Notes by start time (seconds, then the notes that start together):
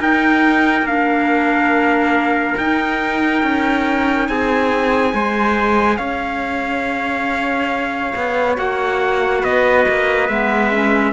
0.00 D#4 A#4 G5
0.83 A#3 D4 F5
2.58 D#4 G5
3.43 C#4
4.28 C4 G#4 G#5
5.14 G#3 G#4 C5
5.97 C#4 C#5 F5
8.16 B3
8.57 A#3 F#4 F#5
9.41 B3 B4 D#5
9.89 A#3
10.27 G#3 B3 E5
10.72 C#4